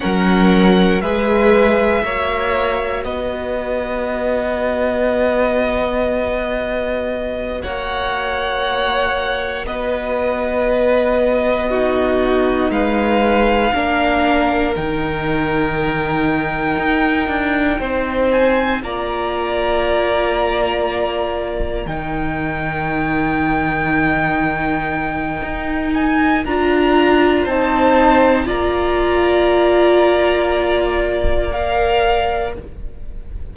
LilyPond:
<<
  \new Staff \with { instrumentName = "violin" } { \time 4/4 \tempo 4 = 59 fis''4 e''2 dis''4~ | dis''2.~ dis''8 fis''8~ | fis''4. dis''2~ dis''8~ | dis''8 f''2 g''4.~ |
g''2 gis''8 ais''4.~ | ais''4. g''2~ g''8~ | g''4. gis''8 ais''4 a''4 | ais''2. f''4 | }
  \new Staff \with { instrumentName = "violin" } { \time 4/4 ais'4 b'4 cis''4 b'4~ | b'2.~ b'8 cis''8~ | cis''4. b'2 fis'8~ | fis'8 b'4 ais'2~ ais'8~ |
ais'4. c''4 d''4.~ | d''4. ais'2~ ais'8~ | ais'2. c''4 | d''1 | }
  \new Staff \with { instrumentName = "viola" } { \time 4/4 cis'4 gis'4 fis'2~ | fis'1~ | fis'2.~ fis'8 dis'8~ | dis'4. d'4 dis'4.~ |
dis'2~ dis'8 f'4.~ | f'4. dis'2~ dis'8~ | dis'2 f'4 dis'4 | f'2. ais'4 | }
  \new Staff \with { instrumentName = "cello" } { \time 4/4 fis4 gis4 ais4 b4~ | b2.~ b8 ais8~ | ais4. b2~ b8~ | b8 gis4 ais4 dis4.~ |
dis8 dis'8 d'8 c'4 ais4.~ | ais4. dis2~ dis8~ | dis4 dis'4 d'4 c'4 | ais1 | }
>>